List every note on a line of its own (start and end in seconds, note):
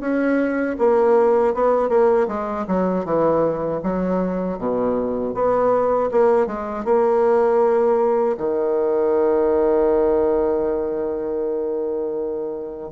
0.00 0.76 C#4
0.78 1.54 A#3
1.54 1.88 B3
1.88 2.26 A#3
2.28 2.65 G#3
2.67 3.04 F#3
3.04 3.80 E3
3.83 4.58 F#3
4.58 5.34 B2
5.34 6.10 B3
6.11 6.46 A#3
6.46 6.84 G#3
6.84 8.36 A#3
8.37 12.91 D#3